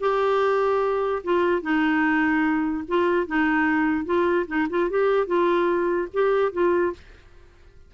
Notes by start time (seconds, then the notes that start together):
0.00 G4
1.24 F4
1.62 D#4
2.88 F4
3.27 D#4
4.05 F4
4.47 D#4
4.70 F4
4.90 G4
5.27 F4
6.13 G4
6.53 F4